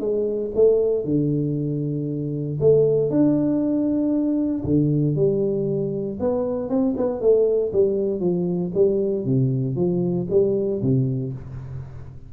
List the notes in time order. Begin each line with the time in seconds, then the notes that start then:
0.00 G#3
0.55 A3
1.05 D3
2.60 A3
3.10 D4
4.64 D3
5.16 G3
6.20 B3
6.69 C4
6.97 B3
7.21 A3
7.73 G3
8.20 F3
8.74 G3
9.25 C3
9.76 F3
10.30 G3
10.82 C3